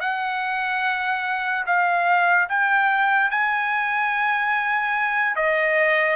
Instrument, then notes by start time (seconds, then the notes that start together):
trumpet
0.00 F#5
1.66 F5
2.49 G5
3.31 G#5
5.35 D#5